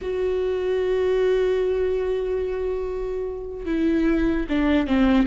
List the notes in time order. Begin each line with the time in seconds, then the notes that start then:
0.01 F#4
3.65 E4
4.49 D4
4.87 C4